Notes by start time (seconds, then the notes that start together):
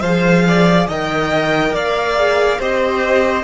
0.00 F3 G#4 C5 F5
0.47 D5
0.87 D#3 A#4 D#5 G5
1.72 A#3 D5 F5
2.16 G#4
2.59 C4 G4 C5 D#5